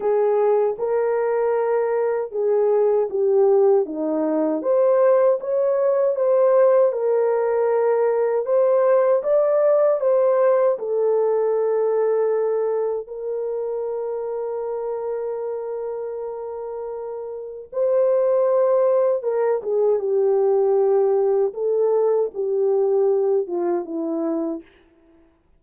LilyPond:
\new Staff \with { instrumentName = "horn" } { \time 4/4 \tempo 4 = 78 gis'4 ais'2 gis'4 | g'4 dis'4 c''4 cis''4 | c''4 ais'2 c''4 | d''4 c''4 a'2~ |
a'4 ais'2.~ | ais'2. c''4~ | c''4 ais'8 gis'8 g'2 | a'4 g'4. f'8 e'4 | }